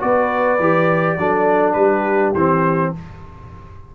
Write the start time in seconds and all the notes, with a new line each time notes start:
0.00 B3 F#4 B4 D5
0.59 E3 G4
1.18 F#3 D4 A4
1.73 G3 G4 B4
2.34 E3 C4 C5